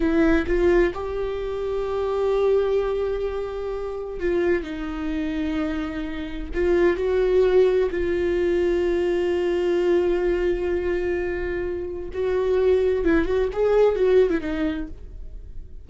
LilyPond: \new Staff \with { instrumentName = "viola" } { \time 4/4 \tempo 4 = 129 e'4 f'4 g'2~ | g'1~ | g'4 f'4 dis'2~ | dis'2 f'4 fis'4~ |
fis'4 f'2.~ | f'1~ | f'2 fis'2 | e'8 fis'8 gis'4 fis'8. e'16 dis'4 | }